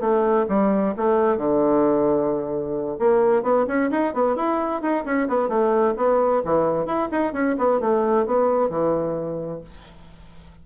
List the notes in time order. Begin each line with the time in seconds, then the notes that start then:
0.00 A3
0.49 G3
0.96 A3
1.37 D3
2.99 A#3
3.42 B3
3.67 C#4
3.91 D#4
4.14 B3
4.36 E4
4.82 D#4
5.05 C#4
5.28 B3
5.48 A3
5.96 B3
6.45 E3
6.86 E4
7.11 D#4
7.33 C#4
7.58 B3
7.80 A3
8.26 B3
8.69 E3